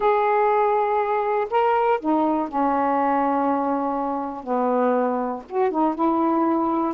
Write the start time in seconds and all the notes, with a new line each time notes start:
0.00 G#4
1.50 A#4
2.00 D#4
2.48 C#4
4.43 B3
5.49 F#4
5.70 D#4
5.95 E4